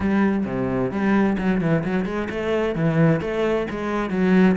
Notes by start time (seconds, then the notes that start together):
0.00 G3
0.45 C3
0.91 G3
1.37 F#3
1.60 E3
1.84 F#3
2.05 G#3
2.30 A3
2.75 E3
3.20 A3
3.70 G#3
4.10 F#3